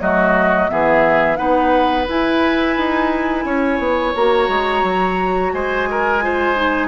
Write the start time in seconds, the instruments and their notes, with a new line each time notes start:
0.00 bassoon F#3, clarinet A3, oboe F#4, flute D#5
0.68 bassoon E3, clarinet B3, oboe G#4, flute E5
1.36 bassoon B3, clarinet D#4, oboe B4, flute F#5
2.08 bassoon E4, clarinet E4, flute G#5
2.77 bassoon D#4
3.45 bassoon C#4, oboe C#5
3.79 bassoon B3
4.15 bassoon A#3, clarinet F#4, flute A#5
4.48 bassoon G#3
4.83 bassoon F#3
5.53 bassoon G#3, oboe C5, flute G#5
5.90 oboe A#4
6.22 clarinet F4, oboe C5
6.56 clarinet D#4